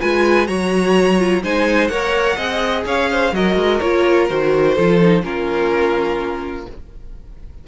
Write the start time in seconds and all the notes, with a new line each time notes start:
0.00 G#3 F4 B4 G#5
0.46 F#3 F#4 C#5 A#5
1.18 F4
1.43 G#3 D#4 C5 G#5
1.87 A#3 A#4 C#5 F#5
2.36 C4 G#4 D#5
2.85 C#4 C#5 F5
3.10 C5
3.32 F#3 F#4 A#4 D#5
3.55 G#3
3.80 A#3 F4 C#5
4.28 D#3 F#4 C5
4.74 F3 F4 A4
5.01 D#4
5.22 A#3 C#4 F4 A#4